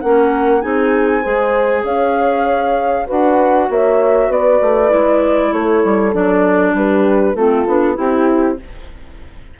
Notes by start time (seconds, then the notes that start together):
0.00 A#3 C#4 A#4 F#5
0.61 C4 D#4 G#4 G#5
1.22 G#3 G#4 C5
1.84 C#4 C#5 F5
3.06 D4 F#4 B4 F#5
3.69 A#3 C#5 E5
4.28 B3 B4 D5
4.61 A3
4.89 G#3 E4
5.52 A3 A4 C#5
5.84 G3
6.12 F#3 D4 D5
6.73 G3 G4 B4
7.35 A3 C4 F4 A4
7.67 B3 D4
7.94 C4 E4 G4